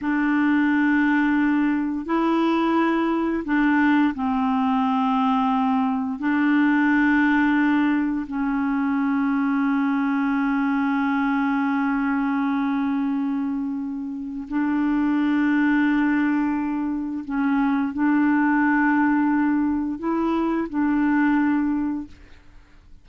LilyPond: \new Staff \with { instrumentName = "clarinet" } { \time 4/4 \tempo 4 = 87 d'2. e'4~ | e'4 d'4 c'2~ | c'4 d'2. | cis'1~ |
cis'1~ | cis'4 d'2.~ | d'4 cis'4 d'2~ | d'4 e'4 d'2 | }